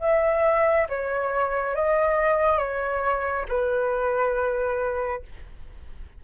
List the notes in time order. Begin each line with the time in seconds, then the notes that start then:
0.00 E5
0.89 C#5
1.75 D#5
2.58 C#5
3.48 B4